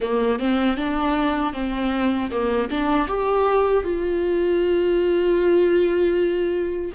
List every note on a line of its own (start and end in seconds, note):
0.00 0.39 A#3
0.39 0.76 C4
0.76 1.53 D4
1.53 2.30 C4
2.30 2.69 A#3
2.70 3.07 D4
3.07 3.84 G4
3.84 6.91 F4